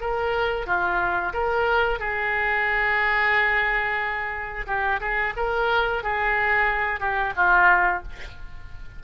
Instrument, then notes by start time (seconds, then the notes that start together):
oboe
0.00 A#4
0.66 F4
1.33 A#4
1.99 G#4
4.66 G4
5.00 G#4
5.36 A#4
6.03 G#4
7.00 G4
7.36 F4